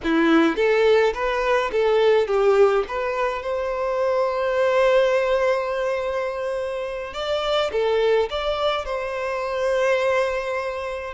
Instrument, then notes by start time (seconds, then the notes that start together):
violin
0.03 E4
0.56 A4
1.14 B4
1.71 A4
2.27 G4
2.88 B4
3.42 C5
7.13 D5
7.71 A4
8.29 D5
8.85 C5